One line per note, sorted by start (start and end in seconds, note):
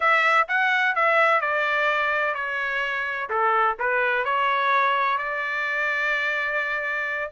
0.00 0.47 E5
0.47 0.95 F#5
0.95 1.40 E5
1.40 2.34 D5
2.34 3.29 C#5
3.29 3.76 A4
3.79 4.24 B4
4.24 5.18 C#5
5.18 7.30 D5